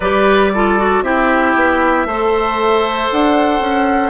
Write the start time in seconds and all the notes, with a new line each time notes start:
0.00 G3 G4 B4 D5
0.53 F4 A4
0.78 F#4
1.02 C4 E4 G4 E5
1.55 B3
2.05 A3 A4 C5
3.11 D4 F#5
3.60 C#4